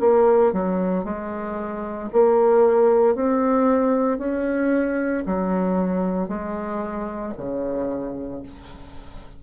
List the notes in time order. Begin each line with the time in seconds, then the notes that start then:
0.00 A#3
0.53 F#3
1.05 G#3
2.13 A#3
3.15 C4
4.19 C#4
5.26 F#3
6.29 G#3
7.37 C#3